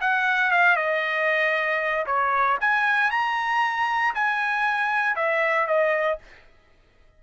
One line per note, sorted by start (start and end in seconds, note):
0.00 0.51 F#5
0.51 0.76 F5
0.76 2.05 D#5
2.06 2.58 C#5
2.60 3.10 G#5
3.10 4.14 A#5
4.14 5.15 G#5
5.15 5.67 E5
5.67 6.18 D#5